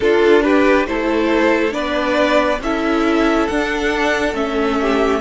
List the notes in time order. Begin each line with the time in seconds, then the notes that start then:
0.00 D4 F4 A4
0.42 G4 B4
0.86 A3 E4 A4 C5
1.71 B3 D4 B4 D5
2.60 C#4 E4 A4 E5
3.47 D4 F#5
4.33 A3 C#4 E5
4.81 G4